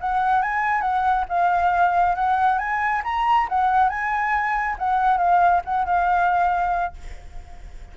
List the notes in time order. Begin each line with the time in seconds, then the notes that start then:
0.00 F#5
0.42 G#5
0.81 F#5
1.28 F5
2.15 F#5
2.58 G#5
3.04 A#5
3.49 F#5
3.89 G#5
4.78 F#5
5.17 F5
5.64 F#5
5.85 F5